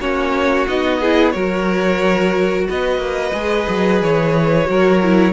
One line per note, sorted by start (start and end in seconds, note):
0.00 0.67 A#3
0.00 0.67 C#4
0.00 1.00 F#4
0.00 0.67 C#5
0.68 1.35 B3
0.68 1.02 D#4
0.68 1.31 D#5
1.00 1.34 E4
1.00 1.33 G#4
1.31 2.68 F#3
1.31 3.33 F#4
1.31 2.67 A#4
1.31 2.64 C#5
2.69 2.98 B3
2.69 4.69 B4
2.69 4.03 D#5
2.98 3.31 A#3
3.33 3.67 G#3
3.33 4.65 G#4
3.69 4.02 F#3
4.02 4.69 E3
4.02 5.33 C#5
4.65 5.33 F#3
4.65 4.98 F#4
4.65 5.33 A#4
5.03 5.33 E4